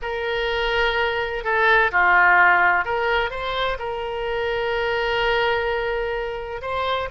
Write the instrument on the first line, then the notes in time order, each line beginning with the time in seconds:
oboe
0.02 A#4
1.43 A4
1.91 F4
2.85 A#4
3.30 C5
3.79 A#4
6.61 C5